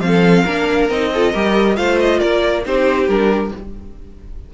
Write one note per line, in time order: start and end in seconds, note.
0.00 0.44 F3
0.00 0.45 C4
0.00 0.88 F5
0.07 0.44 A4
0.44 0.90 A#3
0.44 0.90 D4
0.44 1.09 A#4
0.90 1.33 C4
0.90 1.14 D#4
0.90 1.76 D#5
1.13 1.33 F4
1.13 1.32 A4
1.32 1.77 G3
1.32 1.76 G4
1.32 1.76 A#4
1.76 2.21 A3
1.76 2.63 F4
1.76 2.19 C5
1.76 1.98 F5
2.00 2.19 D#5
2.19 2.66 A#3
2.19 2.63 A#4
2.19 2.63 D5
2.65 3.07 C4
2.65 3.09 D#4
2.65 3.54 G4
2.65 3.08 C5
3.07 3.51 G3
3.07 3.53 D4
3.07 3.52 A#4